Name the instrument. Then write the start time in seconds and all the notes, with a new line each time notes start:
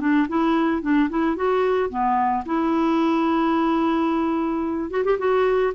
clarinet
0.00 D4
0.28 E4
0.82 D4
1.10 E4
1.36 F#4
1.89 B3
2.45 E4
4.90 F#4
5.04 G4
5.18 F#4